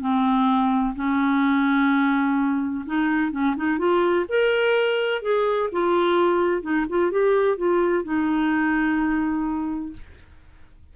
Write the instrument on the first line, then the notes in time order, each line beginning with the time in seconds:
clarinet
0.00 C4
0.95 C#4
2.86 D#4
3.31 C#4
3.56 D#4
3.78 F4
4.28 A#4
5.22 G#4
5.71 F4
6.62 D#4
6.89 F4
7.11 G4
7.57 F4
8.04 D#4